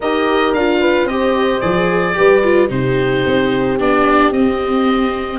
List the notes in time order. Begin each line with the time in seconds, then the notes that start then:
0.00 D#4 G4 A#4 D#5
0.53 D4 F4 F5
0.80 B4
1.05 C4 G4 C5 D#5
1.60 F3 G#4 D5
2.13 G3 G4 B4
2.43 F4
2.68 C3 D#4 G4 C5
3.26 C4
3.79 B3 D4 D5
4.31 C4 D#5